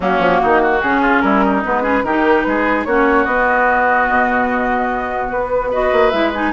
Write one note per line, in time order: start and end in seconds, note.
0.00 0.19 F#3
0.00 0.82 A#3
0.00 0.41 C#4
0.00 0.81 F#4
0.19 0.39 F3
0.42 0.83 D#3
0.42 0.61 D#4
0.61 1.01 F#4
0.81 1.22 C#3
0.81 1.65 C#4
0.81 1.21 G#4
1.01 1.22 F4
1.21 1.63 G3
1.21 1.44 E4
1.21 1.61 A#4
1.44 1.83 D#4
1.65 2.02 G#3
1.65 1.82 B3
1.65 2.05 B4
1.82 2.02 C#4
1.82 2.03 G#4
2.02 2.43 D#3
2.02 2.46 G4
2.02 2.42 A#4
2.09 2.87 D#4
2.42 2.85 G#3
2.42 2.87 G#4
2.42 2.83 B4
2.84 3.26 A#3
2.84 3.28 C#4
2.84 5.70 F#4
2.84 3.24 C#5
3.24 4.07 B3
3.24 5.72 B3
3.24 5.28 D#5
4.10 5.31 B2
5.29 5.92 B3
5.29 5.70 B4
5.70 6.12 F#4
5.70 6.52 B4
5.70 6.10 D#5
5.92 6.12 A#3
6.10 6.52 G#3
6.10 6.32 E4
6.10 6.31 E5
6.33 6.52 D#4
6.33 6.52 G#5